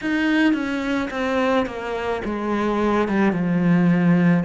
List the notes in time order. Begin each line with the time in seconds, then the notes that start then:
0.01 D#4
0.53 C#4
1.10 C4
1.66 A#3
2.25 G#3
3.08 G3
3.32 F3